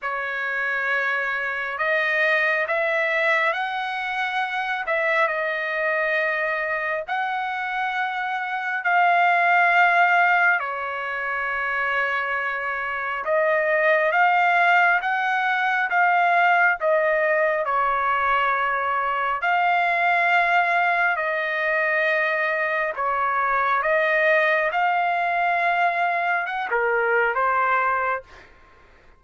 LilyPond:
\new Staff \with { instrumentName = "trumpet" } { \time 4/4 \tempo 4 = 68 cis''2 dis''4 e''4 | fis''4. e''8 dis''2 | fis''2 f''2 | cis''2. dis''4 |
f''4 fis''4 f''4 dis''4 | cis''2 f''2 | dis''2 cis''4 dis''4 | f''2 fis''16 ais'8. c''4 | }